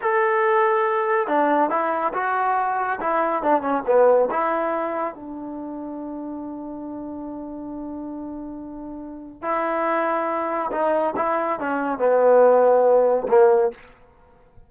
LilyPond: \new Staff \with { instrumentName = "trombone" } { \time 4/4 \tempo 4 = 140 a'2. d'4 | e'4 fis'2 e'4 | d'8 cis'8 b4 e'2 | d'1~ |
d'1~ | d'2 e'2~ | e'4 dis'4 e'4 cis'4 | b2. ais4 | }